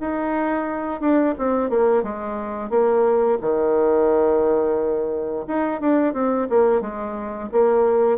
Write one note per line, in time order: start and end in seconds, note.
0.00 1.00 D#4
1.00 1.35 D4
1.38 1.70 C4
1.70 2.03 A#3
2.03 2.70 G#3
2.70 3.38 A#3
3.41 5.45 D#3
5.47 5.80 D#4
5.80 6.13 D4
6.13 6.47 C4
6.49 6.81 A#3
6.81 7.49 G#3
7.52 8.18 A#3